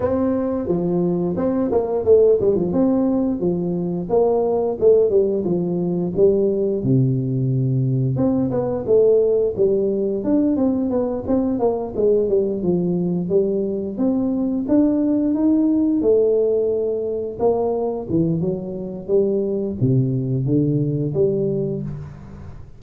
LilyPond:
\new Staff \with { instrumentName = "tuba" } { \time 4/4 \tempo 4 = 88 c'4 f4 c'8 ais8 a8 g16 f16 | c'4 f4 ais4 a8 g8 | f4 g4 c2 | c'8 b8 a4 g4 d'8 c'8 |
b8 c'8 ais8 gis8 g8 f4 g8~ | g8 c'4 d'4 dis'4 a8~ | a4. ais4 e8 fis4 | g4 c4 d4 g4 | }